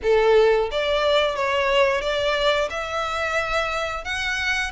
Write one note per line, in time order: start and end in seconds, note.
0.02 0.70 A4
0.71 1.35 D5
1.35 2.01 C#5
2.01 2.68 D5
2.70 4.04 E5
4.04 4.71 F#5